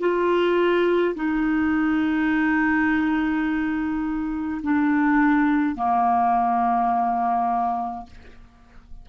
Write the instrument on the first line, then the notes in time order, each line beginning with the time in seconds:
clarinet
0.00 F4
1.16 D#4
4.63 D4
5.76 A#3